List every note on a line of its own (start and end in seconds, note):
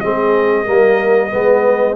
0.00 0.67 G#3
0.00 0.65 C4
0.00 0.65 G#4
0.00 1.96 D#5
0.65 1.33 G3
0.65 1.30 A#3
0.65 1.31 A#4
1.30 1.96 G#3
1.30 1.96 B3
1.30 1.96 B4